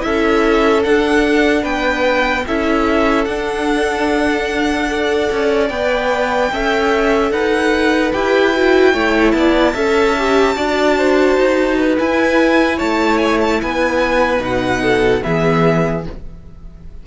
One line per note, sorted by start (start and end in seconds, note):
0.00 0.86 C#4
0.00 0.81 E4
0.00 1.62 A4
0.00 0.82 E5
0.84 2.47 D4
0.84 1.64 D4
0.84 1.64 F#5
1.62 2.45 B3
1.62 2.44 B4
1.62 2.45 G5
2.47 3.26 C#4
2.47 3.27 E4
2.47 4.90 A4
2.47 3.25 E5
3.25 5.29 D4
3.25 4.87 D4
3.25 5.68 F#5
4.87 5.69 A4
4.87 6.52 D5
5.31 5.70 C#4
5.69 6.51 B3
5.69 6.51 B4
5.69 7.31 G5
6.52 7.31 C#4
6.52 8.13 A4
6.52 7.32 E5
7.31 8.12 D#4
7.31 8.94 B4
7.31 8.12 F#5
8.12 8.94 E4
8.12 8.54 G4
8.12 9.31 G5
8.55 8.94 F#4
8.94 9.33 A3
8.94 9.75 E4
8.94 9.34 C#5
9.31 9.73 B3
9.31 11.95 A5
9.38 9.73 D5
9.73 10.56 C#4
9.73 10.15 A4
9.73 10.54 E5
10.18 10.55 G4
10.55 11.37 D4
10.55 11.97 F#4
10.55 10.96 D5
10.97 11.77 C5
11.37 11.98 D#4
11.77 12.77 B4
11.98 14.39 E4
11.98 12.81 E4
11.98 12.79 G#5
12.77 13.62 A3
12.77 13.58 C#5
12.77 13.17 A5
13.17 13.37 G#5
13.41 13.61 A5
13.62 14.40 B3
13.62 14.82 B4
13.62 14.43 G#5
14.39 15.21 B2
14.39 15.20 D#4
14.39 15.23 F#5
14.82 15.22 A4
15.22 16.06 E3
15.22 16.03 B3
15.22 16.06 G#4
15.22 16.04 E5